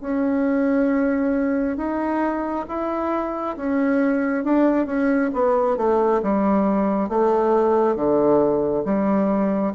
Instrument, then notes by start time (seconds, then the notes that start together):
bassoon
0.00 C#4
1.77 D#4
2.68 E4
3.57 C#4
4.44 D4
4.86 C#4
5.33 B3
5.77 A3
6.22 G3
7.09 A3
7.95 D3
8.85 G3